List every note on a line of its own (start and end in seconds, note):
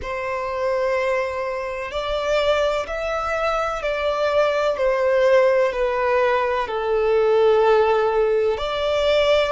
0.02 1.90 C5
1.90 2.86 D5
2.87 3.82 E5
3.82 4.77 D5
4.77 5.72 C5
5.72 6.67 B4
6.67 8.57 A4
8.57 9.52 D5